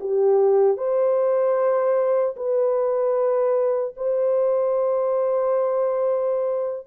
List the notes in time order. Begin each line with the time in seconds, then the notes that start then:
0.00 G4
0.77 C5
2.36 B4
3.97 C5